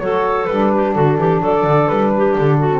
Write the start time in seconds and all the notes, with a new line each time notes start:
0.00 F#3 F#4 A4 C#5
0.46 G3 D4 B4
0.75 G4
0.94 D3 F#4 A4
1.18 E3 G4
1.41 F#3 A4 D5
1.64 D3
1.88 G3 B4
2.17 G4
2.38 D3 A4
2.59 F#4
2.71 C4